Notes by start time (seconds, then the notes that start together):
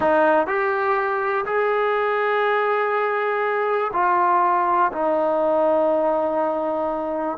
0.00 D#4
0.46 G4
1.45 G#4
3.93 F4
4.92 D#4